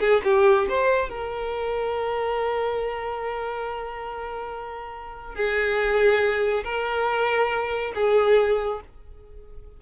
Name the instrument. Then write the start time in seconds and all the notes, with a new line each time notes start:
violin
0.00 G#4
0.24 G4
0.69 C5
1.09 A#4
5.35 G#4
6.64 A#4
7.94 G#4